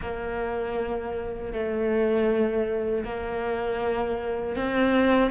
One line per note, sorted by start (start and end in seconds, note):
0.01 1.53 A#3
1.53 3.04 A3
3.04 4.56 A#3
4.56 5.30 C4